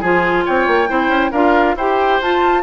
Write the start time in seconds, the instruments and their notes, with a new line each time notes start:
0.00 bassoon F3, clarinet F4, oboe G#4, flute G#5
0.45 bassoon C4, oboe C#5, flute G5
0.67 bassoon A#3
0.87 bassoon C4, clarinet E4, oboe C5
1.08 bassoon C#4
1.31 bassoon D4, clarinet F4, oboe A#4, flute F5
1.75 bassoon E4, clarinet G4, oboe C5, flute G5
2.21 bassoon F4, clarinet F4, flute A5